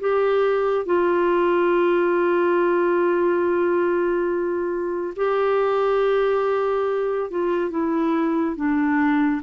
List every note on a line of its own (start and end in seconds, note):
0.00 0.85 G4
0.85 5.14 F4
5.16 7.30 G4
7.30 7.70 F4
7.70 8.56 E4
8.56 9.42 D4